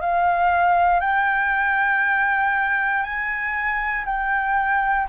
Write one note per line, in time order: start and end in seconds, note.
0.00 1.00 F5
1.00 3.03 G5
3.03 4.04 G#5
4.05 5.07 G5